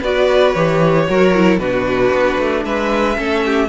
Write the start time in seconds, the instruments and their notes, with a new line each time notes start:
0.00 cello B3, viola F#4, violin B4 D5
0.53 cello E3, viola G4, violin C#5
1.07 cello F#3, viola F#4, violin A#4
1.34 viola E4
1.58 cello B2, viola D4, violin F#4 B4
2.12 cello B3
2.39 cello A3
2.65 cello G#3, violin B4 E5
3.15 cello A3, viola C#4, violin A4
3.46 violin G4